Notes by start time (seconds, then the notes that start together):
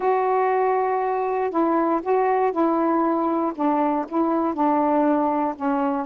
0.00 F#4
1.50 E4
2.02 F#4
2.51 E4
3.55 D4
4.08 E4
4.54 D4
5.55 C#4